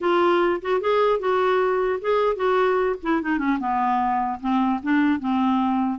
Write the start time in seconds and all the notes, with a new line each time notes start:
0.01 F4
0.61 F#4
0.80 G#4
1.19 F#4
2.01 G#4
2.36 F#4
3.02 E4
3.22 D#4
3.38 C#4
3.59 B3
4.40 C4
4.83 D4
5.19 C4